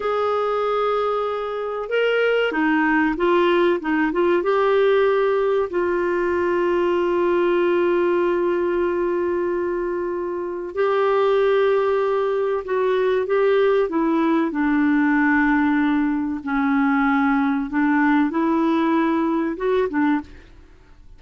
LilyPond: \new Staff \with { instrumentName = "clarinet" } { \time 4/4 \tempo 4 = 95 gis'2. ais'4 | dis'4 f'4 dis'8 f'8 g'4~ | g'4 f'2.~ | f'1~ |
f'4 g'2. | fis'4 g'4 e'4 d'4~ | d'2 cis'2 | d'4 e'2 fis'8 d'8 | }